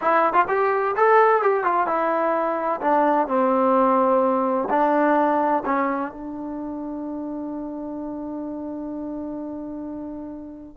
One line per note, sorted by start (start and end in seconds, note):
0.01 0.33 E4
0.33 0.45 F4
0.48 0.95 G4
0.96 1.42 A4
1.42 1.64 G4
1.64 1.86 F4
1.86 2.80 E4
2.81 3.27 D4
3.27 4.68 C4
4.69 5.63 D4
5.65 6.11 C#4
6.11 10.77 D4